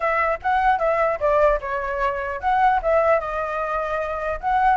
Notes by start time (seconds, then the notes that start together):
0.00 E5
0.42 F#5
0.78 E5
1.20 D5
1.61 C#5
2.40 F#5
2.82 E5
3.20 D#5
4.40 F#5